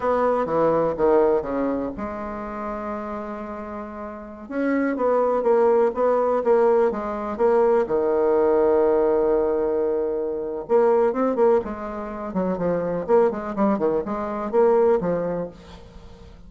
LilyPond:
\new Staff \with { instrumentName = "bassoon" } { \time 4/4 \tempo 4 = 124 b4 e4 dis4 cis4 | gis1~ | gis4~ gis16 cis'4 b4 ais8.~ | ais16 b4 ais4 gis4 ais8.~ |
ais16 dis2.~ dis8.~ | dis2 ais4 c'8 ais8 | gis4. fis8 f4 ais8 gis8 | g8 dis8 gis4 ais4 f4 | }